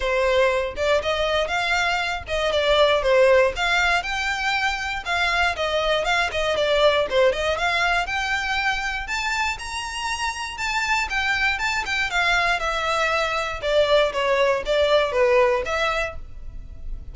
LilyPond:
\new Staff \with { instrumentName = "violin" } { \time 4/4 \tempo 4 = 119 c''4. d''8 dis''4 f''4~ | f''8 dis''8 d''4 c''4 f''4 | g''2 f''4 dis''4 | f''8 dis''8 d''4 c''8 dis''8 f''4 |
g''2 a''4 ais''4~ | ais''4 a''4 g''4 a''8 g''8 | f''4 e''2 d''4 | cis''4 d''4 b'4 e''4 | }